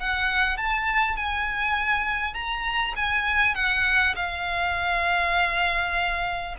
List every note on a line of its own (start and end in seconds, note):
0.00 0.58 F#5
0.58 1.17 A5
1.17 2.34 G#5
2.34 2.94 A#5
2.96 3.55 G#5
3.55 4.15 F#5
4.16 6.56 F5